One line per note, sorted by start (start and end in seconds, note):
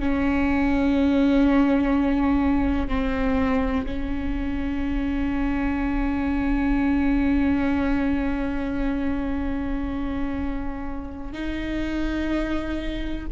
0.00 2.89 C#4
2.89 3.86 C4
3.87 11.33 C#4
11.33 13.27 D#4